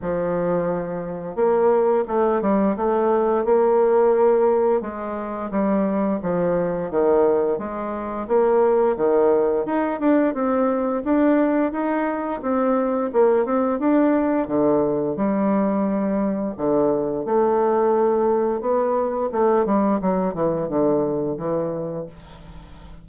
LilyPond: \new Staff \with { instrumentName = "bassoon" } { \time 4/4 \tempo 4 = 87 f2 ais4 a8 g8 | a4 ais2 gis4 | g4 f4 dis4 gis4 | ais4 dis4 dis'8 d'8 c'4 |
d'4 dis'4 c'4 ais8 c'8 | d'4 d4 g2 | d4 a2 b4 | a8 g8 fis8 e8 d4 e4 | }